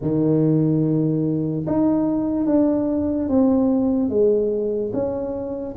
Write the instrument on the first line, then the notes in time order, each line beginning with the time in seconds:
tuba
0.01 D#3
1.66 D#4
2.46 D4
3.28 C4
4.09 G#3
4.93 C#4